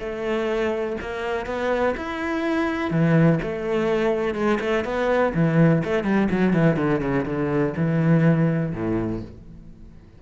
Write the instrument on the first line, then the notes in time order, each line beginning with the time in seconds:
cello
0.00 A3
1.01 A#3
1.46 B3
1.97 E4
2.91 E3
3.43 A3
4.35 G#3
4.61 A3
4.85 B3
5.35 E3
5.85 A3
6.04 G3
6.31 F#3
6.54 E3
6.77 D3
7.01 C#3
7.26 D3
7.77 E3
8.74 A2